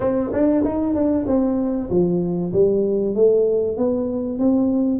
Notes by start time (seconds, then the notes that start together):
0.00 C4
0.32 D4
0.64 D#4
0.94 D4
1.26 C4
1.89 F3
2.52 G3
3.14 A3
3.77 B3
4.38 C4